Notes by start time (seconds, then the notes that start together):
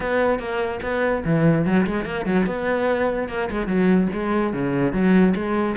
0.00 B3
0.39 A#3
0.82 B3
1.25 E3
1.65 F#3
1.86 G#3
2.05 A#3
2.25 F#3
2.46 B3
3.28 A#3
3.50 G#3
3.66 F#3
4.12 G#3
4.53 C#3
4.92 F#3
5.35 G#3